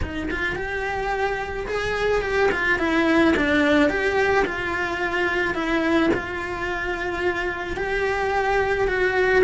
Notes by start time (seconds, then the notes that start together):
0.02 D#4
0.31 F4
0.55 G4
1.67 G#4
2.21 G4
2.51 F4
2.78 E4
3.36 D4
3.89 G4
4.45 F4
5.54 E4
6.14 F4
7.76 G4
8.87 F#4